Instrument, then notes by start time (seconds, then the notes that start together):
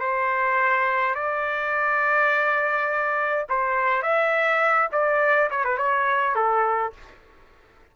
trumpet
0.00 C5
1.15 D5
3.49 C5
4.03 E5
4.92 D5
5.50 C#5
5.64 B4
5.78 C#5
6.35 A4